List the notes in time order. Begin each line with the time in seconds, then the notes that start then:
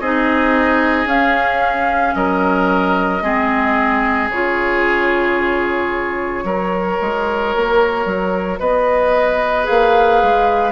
0.00 C4 D#4 G#4 D#5
1.05 C#4 F5
2.14 F#3 A#4 D#5
3.22 G#3 C4 G#4
4.29 C#3 F4 C#5
6.44 F#3 F#4 A#4
7.01 G#3
7.56 A#3
8.05 F#3
8.59 B3 B4 D#5
9.64 A#3 G#4 F5
10.22 G#3